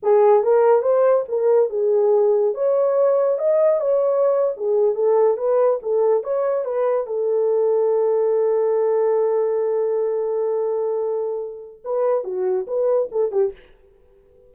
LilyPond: \new Staff \with { instrumentName = "horn" } { \time 4/4 \tempo 4 = 142 gis'4 ais'4 c''4 ais'4 | gis'2 cis''2 | dis''4 cis''4.~ cis''16 gis'4 a'16~ | a'8. b'4 a'4 cis''4 b'16~ |
b'8. a'2.~ a'16~ | a'1~ | a'1 | b'4 fis'4 b'4 a'8 g'8 | }